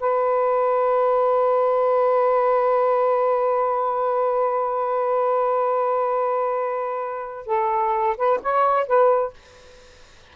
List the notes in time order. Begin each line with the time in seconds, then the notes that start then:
0.00 B4
7.46 A4
8.17 B4
8.42 C#5
8.87 B4